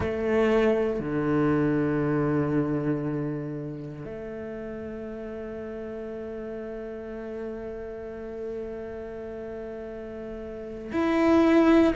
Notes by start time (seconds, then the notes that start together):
0.00 A3
0.99 D3
4.04 A3
10.92 E4